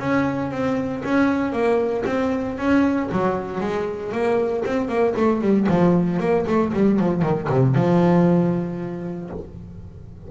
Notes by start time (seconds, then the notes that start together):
0.00 C#4
0.51 C4
1.05 C#4
1.53 A#3
2.06 C4
2.58 C#4
3.12 F#3
3.61 G#3
4.12 A#3
4.66 C4
4.89 A#3
5.17 A3
5.41 G3
5.69 F3
6.20 A#3
6.47 A3
6.74 G3
7.00 F3
7.22 D#3
7.49 C3
7.75 F3